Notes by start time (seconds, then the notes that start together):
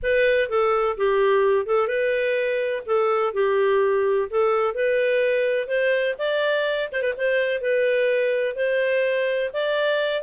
0.02 B4
0.49 A4
0.97 G4
1.66 A4
1.87 B4
2.86 A4
3.33 G4
4.30 A4
4.74 B4
5.67 C5
6.18 D5
6.92 C5
7.02 B4
7.17 C5
7.61 B4
8.55 C5
9.53 D5